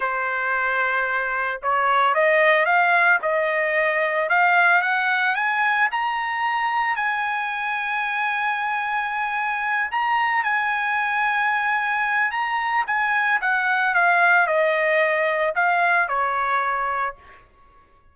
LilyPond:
\new Staff \with { instrumentName = "trumpet" } { \time 4/4 \tempo 4 = 112 c''2. cis''4 | dis''4 f''4 dis''2 | f''4 fis''4 gis''4 ais''4~ | ais''4 gis''2.~ |
gis''2~ gis''8 ais''4 gis''8~ | gis''2. ais''4 | gis''4 fis''4 f''4 dis''4~ | dis''4 f''4 cis''2 | }